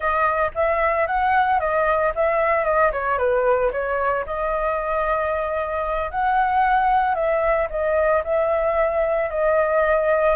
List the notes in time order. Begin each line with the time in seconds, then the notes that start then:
0.00 D#5
0.54 E5
1.06 F#5
1.59 D#5
2.15 E5
2.64 D#5
2.92 C#5
3.18 B4
3.72 C#5
4.26 D#5
6.11 F#5
7.14 E5
7.69 D#5
8.23 E5
9.30 D#5